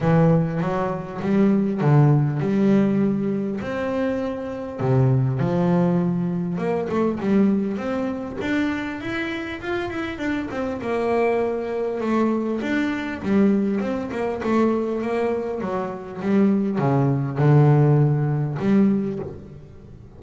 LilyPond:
\new Staff \with { instrumentName = "double bass" } { \time 4/4 \tempo 4 = 100 e4 fis4 g4 d4 | g2 c'2 | c4 f2 ais8 a8 | g4 c'4 d'4 e'4 |
f'8 e'8 d'8 c'8 ais2 | a4 d'4 g4 c'8 ais8 | a4 ais4 fis4 g4 | cis4 d2 g4 | }